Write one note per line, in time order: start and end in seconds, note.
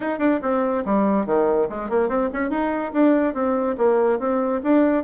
0.00 0.18 D#4
0.18 0.39 D4
0.42 0.84 C4
0.85 1.26 G3
1.26 1.68 D#3
1.69 1.89 G#3
1.89 2.08 A#3
2.08 2.29 C4
2.32 2.50 C#4
2.50 2.92 D#4
2.92 3.34 D4
3.34 3.76 C4
3.77 4.19 A#3
4.19 4.61 C4
4.63 5.04 D4